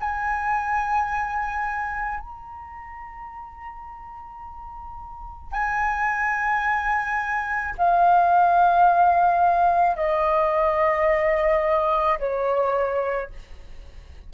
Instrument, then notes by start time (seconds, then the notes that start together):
flute
0.00 G#5
2.20 A#5
5.52 G#5
7.78 F5
9.96 D#5
12.19 C#5